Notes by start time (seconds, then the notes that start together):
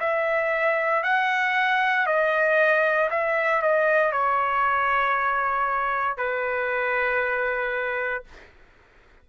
0.00 E5
1.03 F#5
2.06 D#5
3.11 E5
3.62 D#5
4.12 C#5
6.17 B4